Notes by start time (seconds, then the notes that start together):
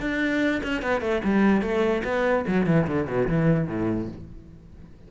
0.00 D4
0.63 C#4
0.82 B3
1.01 A3
1.24 G3
1.61 A3
2.04 B3
2.47 F#3
2.66 E3
2.87 D3
3.07 B2
3.28 E3
3.67 A2